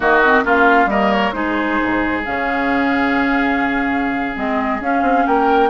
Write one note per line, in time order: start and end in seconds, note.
0.00 0.44 D#3
0.00 0.21 A#3
0.00 0.44 F#4
0.00 0.45 D#5
0.24 0.44 C4
0.44 0.85 A#3
0.44 0.88 C#4
0.44 0.89 F4
0.44 0.90 F5
0.85 1.30 G3
0.85 1.32 A#3
0.85 1.35 A#4
0.85 1.12 D#5
1.12 1.32 C#5
1.32 1.79 G#3
1.32 2.22 D#4
1.32 5.27 G#4
1.32 2.22 C5
1.82 2.26 G#2
2.24 4.36 C#3
2.24 4.35 C#4
2.24 4.36 F5
4.35 4.80 G#3
4.35 4.79 C4
4.35 4.81 D#5
4.80 5.02 C#4
4.80 5.69 C#4
4.80 5.26 F5
5.02 5.24 C4
5.26 5.69 A#3
5.26 5.69 A#4
5.26 5.69 G5